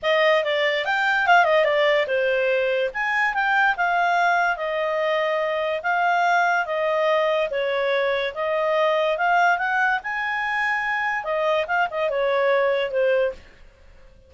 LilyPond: \new Staff \with { instrumentName = "clarinet" } { \time 4/4 \tempo 4 = 144 dis''4 d''4 g''4 f''8 dis''8 | d''4 c''2 gis''4 | g''4 f''2 dis''4~ | dis''2 f''2 |
dis''2 cis''2 | dis''2 f''4 fis''4 | gis''2. dis''4 | f''8 dis''8 cis''2 c''4 | }